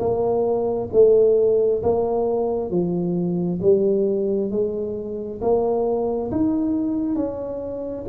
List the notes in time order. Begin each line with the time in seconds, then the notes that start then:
0.00 A#3
0.93 A3
1.83 A#3
2.71 F3
3.62 G3
4.51 G#3
5.42 A#3
6.32 D#4
7.16 C#4